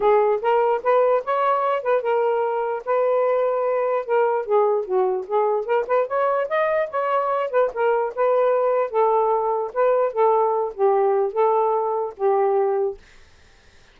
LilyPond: \new Staff \with { instrumentName = "saxophone" } { \time 4/4 \tempo 4 = 148 gis'4 ais'4 b'4 cis''4~ | cis''8 b'8 ais'2 b'4~ | b'2 ais'4 gis'4 | fis'4 gis'4 ais'8 b'8 cis''4 |
dis''4 cis''4. b'8 ais'4 | b'2 a'2 | b'4 a'4. g'4. | a'2 g'2 | }